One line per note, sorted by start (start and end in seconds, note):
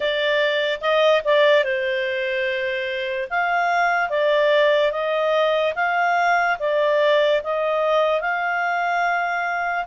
0.00 0.80 D5
0.80 1.21 D#5
1.24 1.64 D5
1.64 3.28 C5
3.30 4.09 F5
4.09 4.91 D5
4.91 5.73 D#5
5.75 6.57 F5
6.59 7.41 D5
7.43 8.20 D#5
8.20 9.85 F5